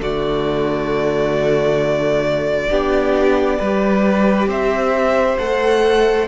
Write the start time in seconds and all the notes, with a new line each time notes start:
0.00 D3 A3 F#4 D5
2.69 B3 D4 G4
3.58 G3 G4 B4
4.47 C4 C5 E5
5.38 A3 A4 F#5